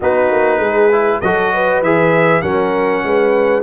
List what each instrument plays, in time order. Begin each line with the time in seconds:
0.00 tuba B3, trombone D#4, horn F#4, trumpet B4
0.31 tuba A#3
0.58 tuba G#3, horn G#4
0.92 trombone E4
1.20 tuba F#3, trombone F#4, horn A4, trumpet D#5
1.53 horn B4
1.82 tuba E3, trombone G#4, trumpet E5
2.41 tuba F#3, trombone C#4, horn A#4, trumpet F#5
3.03 tuba G#3, horn B4